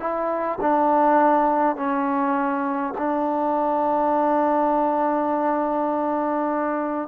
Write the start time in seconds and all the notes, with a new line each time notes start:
0.00 E4
0.61 D4
1.76 C#4
2.98 D4